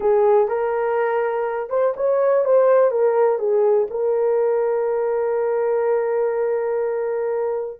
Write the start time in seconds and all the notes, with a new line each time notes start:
0.00 G#4
0.48 A#4
1.69 C5
1.96 C#5
2.44 C5
2.91 A#4
3.38 G#4
3.90 A#4